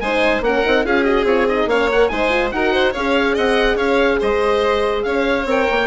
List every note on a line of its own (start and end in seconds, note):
0.00 0.40 G#3
0.00 0.43 D#4
0.00 0.44 C5
0.00 0.42 G#5
0.40 0.61 A#3
0.40 0.64 C#4
0.40 0.86 A#4
0.40 0.85 F#5
0.64 0.84 C4
0.64 0.84 D#4
0.84 1.24 C#4
0.84 1.04 F4
0.84 1.69 G#4
0.84 1.04 F5
1.04 1.25 F#4
1.04 1.25 D#5
1.24 1.65 C4
1.24 1.48 F4
1.24 1.47 C#5
1.48 1.70 D#4
1.48 1.69 D#5
1.66 2.08 A#3
1.66 1.90 C#4
1.66 2.11 C#5
1.66 1.90 F5
1.90 2.10 A#4
1.90 2.08 F#5
2.08 2.52 G#3
2.08 2.29 D#4
2.08 2.53 C5
2.08 2.50 G#5
2.29 2.50 F4
2.51 2.94 D#4
2.51 2.95 F#4
2.51 2.73 A#4
2.51 2.93 F#5
2.73 2.92 C5
2.92 3.37 C#4
2.92 5.47 G#4
2.92 3.34 C#5
2.92 3.36 F5
3.34 3.76 C4
3.34 3.76 D#5
3.34 3.77 F#5
3.76 4.17 C#4
3.76 4.18 C#5
3.76 4.19 F5
4.20 5.05 G#3
4.20 5.04 C5
4.20 5.03 D#5
5.03 5.45 C#4
5.03 5.87 C#5
5.03 5.45 F5
5.45 5.66 C4
5.45 5.87 A#4
5.45 5.87 G5
5.71 5.87 A#3